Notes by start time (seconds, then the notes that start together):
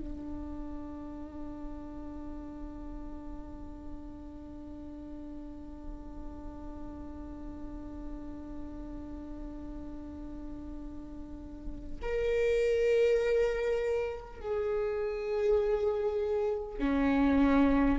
0.00 D4
12.02 A#4
14.41 G#4
16.79 C#4